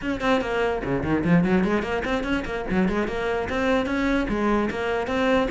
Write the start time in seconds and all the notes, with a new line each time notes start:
0.01 C#4
0.20 C4
0.41 A#3
0.84 C#3
1.03 D#3
1.24 F3
1.44 F#3
1.63 G#3
1.82 A#3
2.05 C4
2.23 C#4
2.45 A#3
2.70 F#3
2.88 G#3
3.07 A#3
3.49 C4
3.86 C#4
4.28 G#3
4.70 A#3
5.07 C4